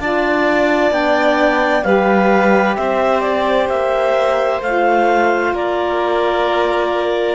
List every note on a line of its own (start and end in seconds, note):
0.00 0.91 D4
0.00 0.91 F4
0.00 1.85 D5
0.00 0.93 A5
0.91 1.83 B3
0.91 1.83 D4
0.91 1.83 G5
1.83 2.77 G3
1.83 4.61 G4
1.83 2.77 B4
1.83 2.76 F5
2.76 3.69 C4
2.76 5.54 C5
2.76 3.22 E5
3.22 3.68 D5
3.69 4.61 A#3
3.69 4.61 E5
4.61 5.53 A3
4.61 7.36 F4
4.61 5.55 F5
5.53 7.36 A#3
5.53 7.36 A#4
5.53 7.36 D5